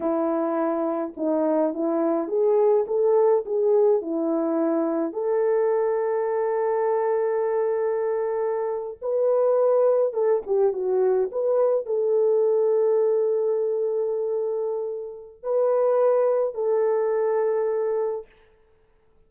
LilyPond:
\new Staff \with { instrumentName = "horn" } { \time 4/4 \tempo 4 = 105 e'2 dis'4 e'4 | gis'4 a'4 gis'4 e'4~ | e'4 a'2.~ | a'2.~ a'8. b'16~ |
b'4.~ b'16 a'8 g'8 fis'4 b'16~ | b'8. a'2.~ a'16~ | a'2. b'4~ | b'4 a'2. | }